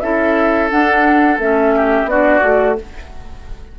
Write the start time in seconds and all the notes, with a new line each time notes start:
0.00 C#4 E4 A4 E5
0.70 D4 F#5
1.38 A3 C#4 E5
1.76 G4
2.05 B3 D4 F#4 D5
2.41 A3 F#4